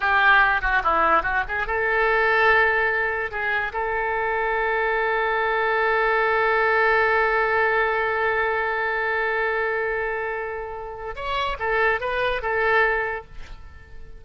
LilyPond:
\new Staff \with { instrumentName = "oboe" } { \time 4/4 \tempo 4 = 145 g'4. fis'8 e'4 fis'8 gis'8 | a'1 | gis'4 a'2.~ | a'1~ |
a'1~ | a'1~ | a'2. cis''4 | a'4 b'4 a'2 | }